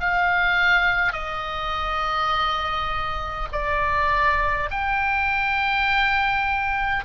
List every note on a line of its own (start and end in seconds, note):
0.00 1.13 F5
1.13 3.48 D#5
3.52 4.70 D5
4.71 7.04 G5